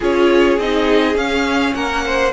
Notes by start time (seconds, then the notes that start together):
0.00 C#4 F4 G#4 C#5
0.58 C4 D#4 D#5
1.14 C#4 F5
1.74 A#3 A#4 F#5
2.05 C5